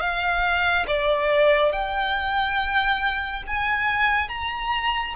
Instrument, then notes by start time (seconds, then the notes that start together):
violin
0.00 F5
0.87 D5
1.72 G5
3.47 G#5
4.29 A#5